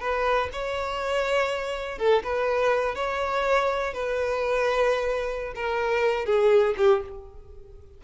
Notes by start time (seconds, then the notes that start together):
0.00 B4
0.52 C#5
1.98 A4
2.23 B4
2.95 C#5
3.93 B4
5.55 A#4
6.25 G#4
6.77 G4